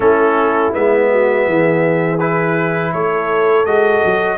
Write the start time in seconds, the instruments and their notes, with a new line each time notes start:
0.00 tuba A3, trombone C#4, horn E4, trumpet A4
0.72 tuba G#3, trombone B3, trumpet E5
1.10 horn F#4
1.46 tuba E3, horn G#4
2.19 trombone E4, trumpet B4
2.92 tuba A3, horn A4, trumpet C#5
3.65 tuba G#3, trombone F#4, trumpet D#5
4.04 tuba F#3